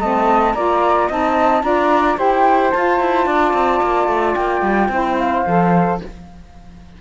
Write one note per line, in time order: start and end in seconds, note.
0.00 0.54 A3
0.00 0.56 C4
0.00 0.55 D#5
0.00 0.54 A5
0.54 1.09 A#3
0.54 1.10 F4
0.54 1.08 D5
0.54 1.09 A#5
1.08 1.63 C4
1.08 1.62 D#4
1.08 1.63 D#5
1.08 1.63 A5
1.62 2.18 D4
1.62 2.17 F4
1.62 2.19 D5
1.62 2.18 A#5
2.17 2.73 E4
2.17 2.71 G4
2.17 3.26 C5
2.17 2.72 G5
2.72 4.91 F4
2.72 3.01 F4
2.72 4.35 A5
3.01 3.26 E4
3.26 3.54 D4
3.26 4.90 D5
3.54 3.81 C4
3.83 4.08 A#3
4.08 4.35 A3
4.35 4.62 A#3
4.35 5.17 G5
4.62 4.89 G3
4.89 5.43 C4
4.89 5.46 E4
4.89 6.01 C5
5.19 6.00 F5
5.47 6.01 F3
5.47 6.01 A4